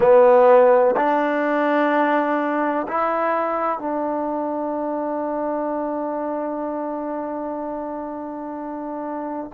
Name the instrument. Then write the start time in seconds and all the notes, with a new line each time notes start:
trombone
0.00 B3
0.96 D4
2.88 E4
3.78 D4